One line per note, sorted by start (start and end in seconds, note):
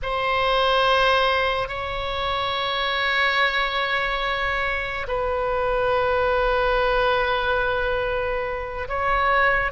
0.02 1.68 C5
1.68 5.06 C#5
5.07 8.87 B4
8.88 9.71 C#5